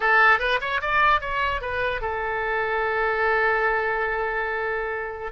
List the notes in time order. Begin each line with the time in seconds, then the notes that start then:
0.00 A4
0.39 B4
0.60 C#5
0.81 D5
1.20 C#5
1.61 B4
2.01 A4